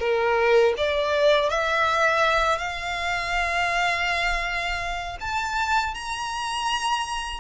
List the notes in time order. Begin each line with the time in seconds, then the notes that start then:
0.00 A#4
0.78 D5
1.50 E5
2.58 F5
5.21 A5
5.95 A#5